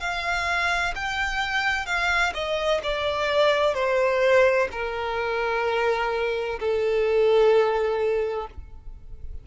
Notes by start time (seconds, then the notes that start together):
0.00 F5
0.95 G5
1.86 F5
2.34 D#5
2.83 D5
3.74 C5
4.71 A#4
6.59 A4